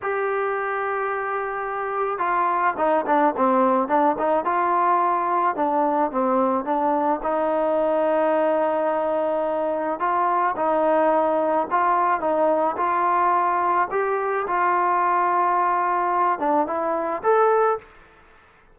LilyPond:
\new Staff \with { instrumentName = "trombone" } { \time 4/4 \tempo 4 = 108 g'1 | f'4 dis'8 d'8 c'4 d'8 dis'8 | f'2 d'4 c'4 | d'4 dis'2.~ |
dis'2 f'4 dis'4~ | dis'4 f'4 dis'4 f'4~ | f'4 g'4 f'2~ | f'4. d'8 e'4 a'4 | }